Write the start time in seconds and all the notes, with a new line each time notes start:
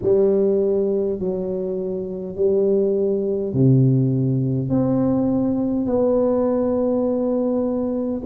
0.02 G3
1.19 F#3
2.35 G3
3.53 C3
4.68 C4
5.86 B3